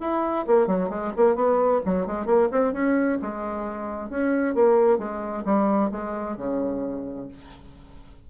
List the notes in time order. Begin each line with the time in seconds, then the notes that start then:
0.00 E4
0.46 A#3
0.67 F#3
0.89 G#3
1.17 A#3
1.35 B3
1.85 F#3
2.06 G#3
2.26 A#3
2.51 C4
2.73 C#4
3.22 G#3
4.10 C#4
4.55 A#3
4.98 G#3
5.45 G3
5.91 G#3
6.37 C#3